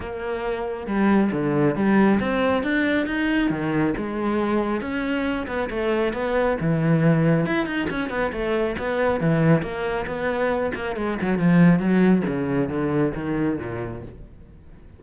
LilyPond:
\new Staff \with { instrumentName = "cello" } { \time 4/4 \tempo 4 = 137 ais2 g4 d4 | g4 c'4 d'4 dis'4 | dis4 gis2 cis'4~ | cis'8 b8 a4 b4 e4~ |
e4 e'8 dis'8 cis'8 b8 a4 | b4 e4 ais4 b4~ | b8 ais8 gis8 fis8 f4 fis4 | cis4 d4 dis4 ais,4 | }